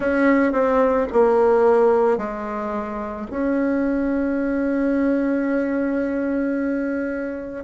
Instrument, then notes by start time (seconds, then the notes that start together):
bassoon
0.00 C#4
0.52 C4
1.12 A#3
2.17 G#3
3.30 C#4